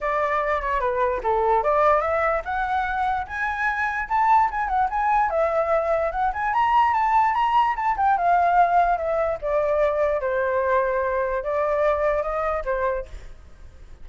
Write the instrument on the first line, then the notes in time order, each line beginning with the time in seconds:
flute
0.00 D5
0.61 C#5
0.80 B4
1.23 A4
1.63 D5
2.01 E5
2.45 F#5
3.26 G#5
4.09 A5
4.50 G#5
4.68 F#5
4.90 G#5
5.30 E5
6.11 F#5
6.33 G#5
6.53 A#5
6.93 A5
7.34 A#5
7.76 A5
7.97 G5
8.17 F5
8.97 E5
9.41 D5
10.21 C5
11.43 D5
12.22 D#5
12.65 C5